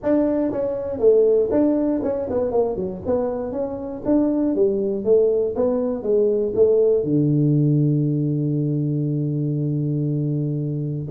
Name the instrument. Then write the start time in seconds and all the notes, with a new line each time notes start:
tuba
0.02 D4
0.51 C#4
0.99 A3
1.51 D4
2.03 C#4
2.30 B3
2.51 A#3
2.75 F#3
3.06 B3
3.52 C#4
4.05 D4
4.55 G3
5.04 A3
5.55 B3
6.02 G#3
6.55 A3
7.03 D3